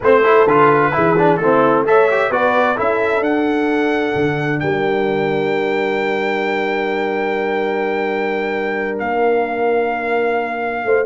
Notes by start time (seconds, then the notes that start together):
0.00 A3 C4 B4 C5
0.22 E4 A4
0.46 D3 F4 B4
0.92 E3 E4 G#4
1.18 D4
1.37 A3 C4 E4 A4
1.86 A4 C#5 E5
2.10 G4
2.30 B3 F#4 B4 D5
2.76 C#4 E4 A4 E5
3.20 D4 F#5
4.15 D3
4.59 G3 A#4 G5
8.98 A#3 F5
10.84 A3 C5